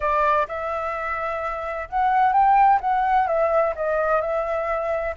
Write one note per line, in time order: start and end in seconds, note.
0.00 0.46 D5
0.48 1.88 E5
1.89 2.32 F#5
2.32 2.79 G5
2.80 3.27 F#5
3.27 3.74 E5
3.75 4.21 D#5
4.21 5.14 E5